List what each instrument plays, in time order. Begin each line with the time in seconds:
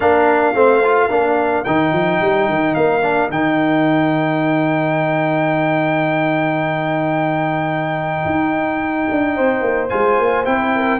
0.00 tuba A#3, trombone D4, horn A#4, trumpet F5
0.53 tuba A3, trombone C4, horn C5
0.83 trombone F4
1.09 tuba A#3, trombone D4, horn A#4
1.64 tuba D#3, trombone D#4, trumpet G5
1.92 tuba F3
2.20 tuba G3
2.48 tuba D#3
2.74 tuba A#3, trumpet F5
3.02 trombone D4
3.29 tuba D#3, trombone D#4, trumpet G5
8.25 tuba D#4
9.11 tuba D4
9.35 tuba C4, horn C5
9.61 tuba A#3
9.89 tuba G#3, trombone F4, trumpet G#5
10.18 tuba A#3
10.45 tuba C4, trombone E4, trumpet G5
10.75 horn A#4